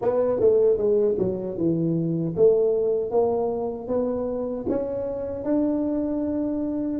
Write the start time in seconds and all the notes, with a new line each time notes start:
0.01 B3
0.40 A3
0.77 G#3
1.18 F#3
1.57 E3
2.36 A3
3.10 A#3
3.87 B3
4.68 C#4
5.44 D4